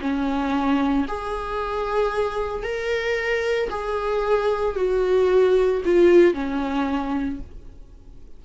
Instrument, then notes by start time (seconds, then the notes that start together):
viola
0.00 C#4
1.08 G#4
2.63 A#4
3.70 G#4
4.76 F#4
5.85 F4
6.34 C#4